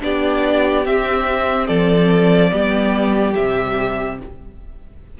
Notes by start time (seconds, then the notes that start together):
0.00 B3 D4 G4 D5
0.86 C4 E5
1.67 F3 A4 D5
2.52 G3 B3 G4
3.34 C3 G3 E5